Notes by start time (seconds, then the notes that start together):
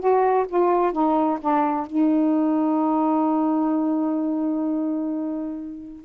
0.00 F#4
0.49 F4
0.93 D#4
1.41 D4
1.87 D#4